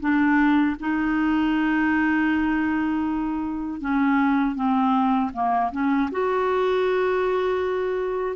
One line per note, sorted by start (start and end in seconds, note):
0.00 0.76 D4
0.79 3.80 D#4
3.80 4.55 C#4
4.55 5.31 C4
5.33 5.71 A#3
5.72 6.10 C#4
6.11 8.36 F#4